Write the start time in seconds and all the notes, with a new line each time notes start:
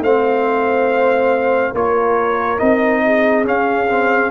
0.00 A3 C4 C5 F5
1.73 A#3 F4 A#4 C#5
2.58 C4 D#4 D#5
3.04 G#4
3.44 C#4 F5
3.89 C4